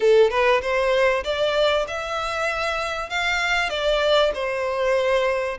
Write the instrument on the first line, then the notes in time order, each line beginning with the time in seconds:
violin
0.00 A4
0.30 B4
0.61 C5
1.24 D5
1.87 E5
3.09 F5
3.69 D5
4.34 C5